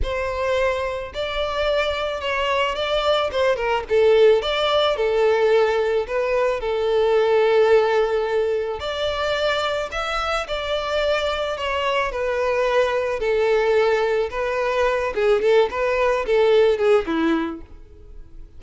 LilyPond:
\new Staff \with { instrumentName = "violin" } { \time 4/4 \tempo 4 = 109 c''2 d''2 | cis''4 d''4 c''8 ais'8 a'4 | d''4 a'2 b'4 | a'1 |
d''2 e''4 d''4~ | d''4 cis''4 b'2 | a'2 b'4. gis'8 | a'8 b'4 a'4 gis'8 e'4 | }